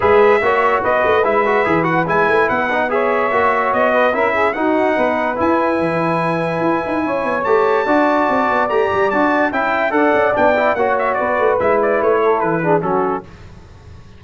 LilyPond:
<<
  \new Staff \with { instrumentName = "trumpet" } { \time 4/4 \tempo 4 = 145 e''2 dis''4 e''4~ | e''8 fis''8 gis''4 fis''4 e''4~ | e''4 dis''4 e''4 fis''4~ | fis''4 gis''2.~ |
gis''2 a''2~ | a''4 ais''4 a''4 g''4 | fis''4 g''4 fis''8 e''8 d''4 | e''8 d''8 cis''4 b'4 a'4 | }
  \new Staff \with { instrumentName = "saxophone" } { \time 4/4 b'4 cis''4 b'2~ | b'2. cis''4~ | cis''4. b'8 ais'8 gis'8 fis'4 | b'1~ |
b'4 cis''2 d''4~ | d''2. e''4 | d''2 cis''4 b'4~ | b'4. a'4 gis'8 fis'4 | }
  \new Staff \with { instrumentName = "trombone" } { \time 4/4 gis'4 fis'2 e'8 fis'8 | gis'8 fis'8 e'4. dis'8 gis'4 | fis'2 e'4 dis'4~ | dis'4 e'2.~ |
e'2 g'4 fis'4~ | fis'4 g'4 fis'4 e'4 | a'4 d'8 e'8 fis'2 | e'2~ e'8 d'8 cis'4 | }
  \new Staff \with { instrumentName = "tuba" } { \time 4/4 gis4 ais4 b8 a8 gis4 | e4 gis8 a8 b2 | ais4 b4 cis'4 dis'4 | b4 e'4 e2 |
e'8 dis'8 cis'8 b8 a4 d'4 | c'8 b8 a8 g8 d'4 cis'4 | d'8 cis'8 b4 ais4 b8 a8 | gis4 a4 e4 fis4 | }
>>